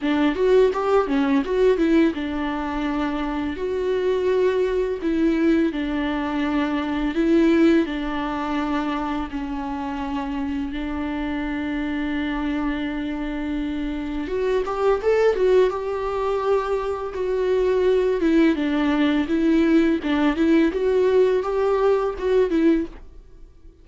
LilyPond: \new Staff \with { instrumentName = "viola" } { \time 4/4 \tempo 4 = 84 d'8 fis'8 g'8 cis'8 fis'8 e'8 d'4~ | d'4 fis'2 e'4 | d'2 e'4 d'4~ | d'4 cis'2 d'4~ |
d'1 | fis'8 g'8 a'8 fis'8 g'2 | fis'4. e'8 d'4 e'4 | d'8 e'8 fis'4 g'4 fis'8 e'8 | }